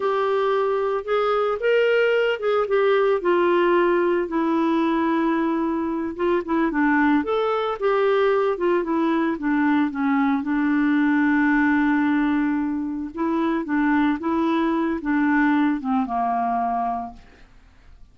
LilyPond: \new Staff \with { instrumentName = "clarinet" } { \time 4/4 \tempo 4 = 112 g'2 gis'4 ais'4~ | ais'8 gis'8 g'4 f'2 | e'2.~ e'8 f'8 | e'8 d'4 a'4 g'4. |
f'8 e'4 d'4 cis'4 d'8~ | d'1~ | d'8 e'4 d'4 e'4. | d'4. c'8 ais2 | }